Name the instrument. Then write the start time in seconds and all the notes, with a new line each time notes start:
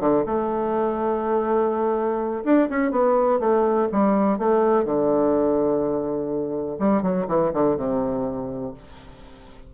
bassoon
0.00 D3
0.26 A3
2.44 D4
2.70 C#4
2.91 B3
3.40 A3
3.92 G3
4.38 A3
4.85 D3
6.79 G3
7.02 F#3
7.28 E3
7.53 D3
7.77 C3